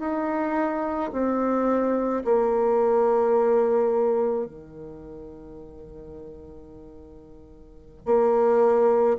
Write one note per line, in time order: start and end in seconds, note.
0.00 1.11 D#4
1.13 2.24 C4
2.25 4.46 A#3
4.46 8.06 D#3
8.06 9.17 A#3